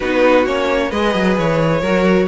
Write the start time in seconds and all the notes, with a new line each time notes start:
0.00 B3 D#4 F#4 B4
0.45 A#3 C#4 C#5
0.89 G#3 G#4 B4 D#5
1.14 F#3
1.37 E3 C#5
1.80 F#3 F#4 A#4